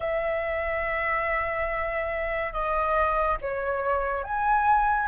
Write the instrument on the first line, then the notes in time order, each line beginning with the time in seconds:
flute
0.00 E5
2.52 D#5
3.41 C#5
4.23 G#5